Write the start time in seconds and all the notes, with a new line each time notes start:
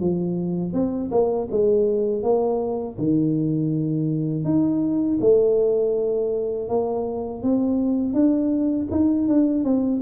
0.00 F3
0.73 C4
1.11 A#3
1.51 G#3
2.23 A#3
2.98 D#3
4.44 D#4
5.21 A3
6.69 A#3
7.43 C4
8.14 D4
8.91 D#4
9.28 D4
9.64 C4